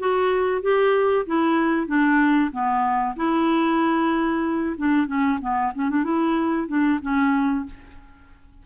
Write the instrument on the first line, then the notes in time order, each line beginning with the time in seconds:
clarinet
0.00 F#4
0.62 G4
1.26 E4
1.87 D4
2.52 B3
3.17 E4
4.78 D4
5.07 C#4
5.41 B3
5.75 C#4
5.90 D4
6.04 E4
6.68 D4
7.02 C#4